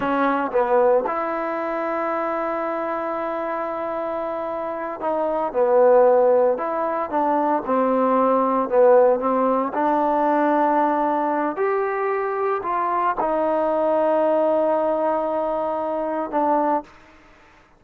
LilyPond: \new Staff \with { instrumentName = "trombone" } { \time 4/4 \tempo 4 = 114 cis'4 b4 e'2~ | e'1~ | e'4. dis'4 b4.~ | b8 e'4 d'4 c'4.~ |
c'8 b4 c'4 d'4.~ | d'2 g'2 | f'4 dis'2.~ | dis'2. d'4 | }